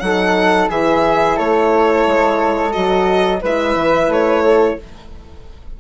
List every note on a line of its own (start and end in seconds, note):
0.00 0.69 F#3
0.00 0.71 D#4
0.00 0.70 A4
0.00 0.68 F#5
0.70 1.38 E3
0.70 2.73 E4
0.70 1.37 G#4
0.70 1.38 E5
1.37 2.07 A3
1.37 3.41 A4
1.37 2.73 C#5
2.07 2.75 G#3
2.73 3.43 F#3
2.73 3.41 F#4
2.73 3.41 D#5
3.41 3.76 G#3
3.41 4.81 E4
3.41 4.44 B4
3.41 4.12 E5
3.76 4.08 E3
4.08 4.76 A3
4.08 4.81 C#5
4.44 4.78 A4